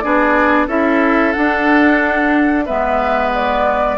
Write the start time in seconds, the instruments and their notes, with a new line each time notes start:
0.00 bassoon B3, clarinet D4, oboe G#4, flute D5
0.67 bassoon C#4, clarinet E4, oboe A4, flute E5
1.32 clarinet D4, bassoon D4, flute F#5
2.66 bassoon G#3, clarinet B3, oboe B4, flute E5
3.35 flute D5